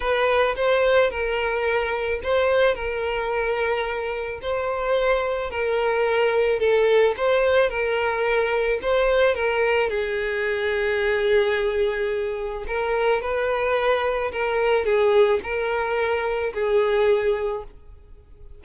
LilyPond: \new Staff \with { instrumentName = "violin" } { \time 4/4 \tempo 4 = 109 b'4 c''4 ais'2 | c''4 ais'2. | c''2 ais'2 | a'4 c''4 ais'2 |
c''4 ais'4 gis'2~ | gis'2. ais'4 | b'2 ais'4 gis'4 | ais'2 gis'2 | }